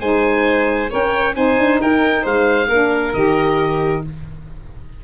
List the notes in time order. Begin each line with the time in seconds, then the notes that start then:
0.00 G#3 D#4 C5 G#5
0.90 C#4 A#4 C#5 G5
1.33 C4 D#4 C5 G#5
1.58 D4
1.81 D#4 A#4 G5
2.22 G#3 C5 F5
2.68 A#3 D4 A#4
3.13 D#3 G4 D#5